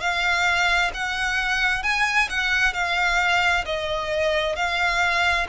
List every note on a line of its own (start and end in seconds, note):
0.00 0.91 F5
0.94 1.83 F#5
1.83 2.29 G#5
2.29 2.74 F#5
2.74 3.64 F5
3.65 4.56 D#5
4.56 5.47 F5